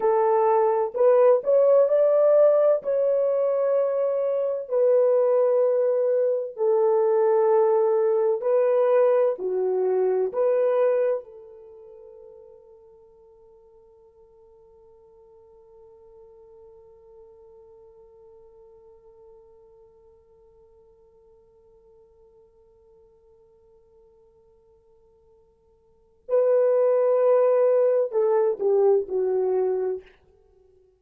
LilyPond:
\new Staff \with { instrumentName = "horn" } { \time 4/4 \tempo 4 = 64 a'4 b'8 cis''8 d''4 cis''4~ | cis''4 b'2 a'4~ | a'4 b'4 fis'4 b'4 | a'1~ |
a'1~ | a'1~ | a'1 | b'2 a'8 g'8 fis'4 | }